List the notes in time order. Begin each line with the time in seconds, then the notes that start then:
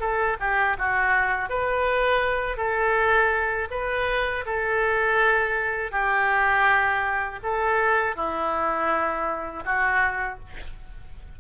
0.00 A4
0.40 G4
0.78 F#4
1.49 B4
2.57 A4
3.71 B4
4.46 A4
5.91 G4
7.43 A4
8.15 E4
9.65 F#4